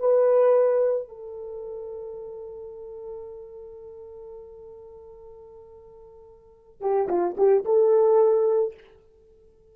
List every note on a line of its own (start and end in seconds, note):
0.00 1.09 B4
1.09 6.81 A4
6.81 7.09 G4
7.09 7.36 F4
7.38 7.65 G4
7.65 8.74 A4